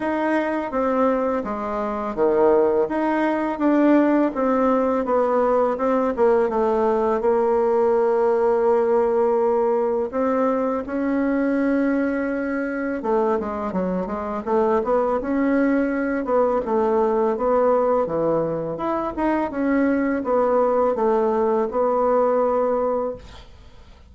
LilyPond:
\new Staff \with { instrumentName = "bassoon" } { \time 4/4 \tempo 4 = 83 dis'4 c'4 gis4 dis4 | dis'4 d'4 c'4 b4 | c'8 ais8 a4 ais2~ | ais2 c'4 cis'4~ |
cis'2 a8 gis8 fis8 gis8 | a8 b8 cis'4. b8 a4 | b4 e4 e'8 dis'8 cis'4 | b4 a4 b2 | }